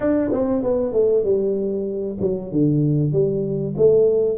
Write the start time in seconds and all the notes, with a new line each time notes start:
0.00 D4
0.32 C4
0.62 B3
0.92 A3
1.24 G3
2.20 F#3
2.51 D3
3.12 G3
3.77 A3